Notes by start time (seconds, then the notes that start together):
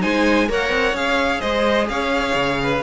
0.00 G#3 D#4 C5 G#5
0.48 A#3 A#4 C#5 F#5
0.70 C4
0.93 C#4 G#4 F5
1.41 G#3 C5 D#5
1.89 C#4 C#5 F5
2.35 C#3
2.63 B4